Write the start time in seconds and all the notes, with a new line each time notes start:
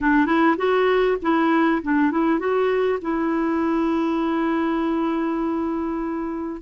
0.00 D4
0.26 E4
0.57 F#4
1.22 E4
1.82 D4
2.11 E4
2.39 F#4
3.01 E4